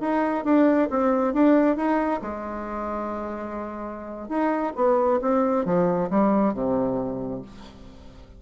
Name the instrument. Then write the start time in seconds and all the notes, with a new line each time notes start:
bassoon
0.00 D#4
0.44 D4
0.90 C4
1.33 D4
1.76 D#4
2.22 G#3
4.29 D#4
4.75 B3
5.21 C4
5.65 F3
6.10 G3
6.54 C3